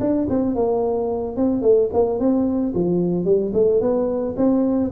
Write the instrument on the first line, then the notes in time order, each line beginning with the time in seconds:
tuba
0.00 D4
0.29 C4
0.55 A#3
1.36 C4
1.62 A3
1.93 A#3
2.19 C4
2.74 F3
3.25 G3
3.54 A3
3.81 B3
4.37 C4